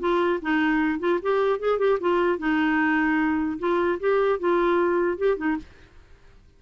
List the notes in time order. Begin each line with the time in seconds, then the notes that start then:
0.00 F4
0.42 D#4
1.00 F4
1.23 G4
1.60 G#4
1.79 G4
2.01 F4
2.39 D#4
3.59 F4
4.00 G4
4.39 F4
5.18 G4
5.37 D#4